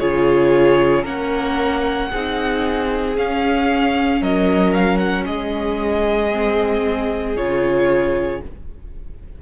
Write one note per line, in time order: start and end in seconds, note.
0.00 1.06 C#3
0.00 1.05 F4
0.00 1.03 G#4
0.00 1.05 C#5
1.03 2.11 A#3
1.03 2.10 C#4
1.03 2.08 A#4
1.03 3.16 F#5
2.11 3.18 C4
2.11 3.17 D#4
2.11 4.21 G#4
3.17 6.32 C#4
3.17 4.22 C#4
3.17 4.23 F5
4.21 5.26 F#3
4.21 5.26 A#4
4.21 4.74 D#5
4.74 4.98 F5
4.98 5.24 F#5
5.26 7.36 G#3
5.26 8.42 G#4
5.26 7.37 D#5
6.32 7.37 C4
7.36 8.42 C#3
7.36 8.42 F4
7.36 8.42 C#5